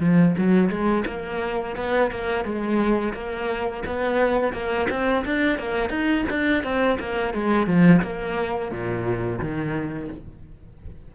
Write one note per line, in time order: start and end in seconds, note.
0.00 0.35 F3
0.37 0.69 F#3
0.69 1.04 G#3
1.06 1.76 A#3
1.76 2.11 B3
2.11 2.44 A#3
2.44 3.13 G#3
3.13 3.83 A#3
3.86 4.53 B3
4.53 4.88 A#3
4.89 5.24 C4
5.25 5.58 D4
5.58 5.90 A#3
5.90 6.24 D#4
6.30 6.63 D4
6.63 6.98 C4
6.99 7.34 A#3
7.34 7.66 G#3
7.66 8.01 F3
8.02 8.71 A#3
8.71 9.38 A#2
9.38 10.08 D#3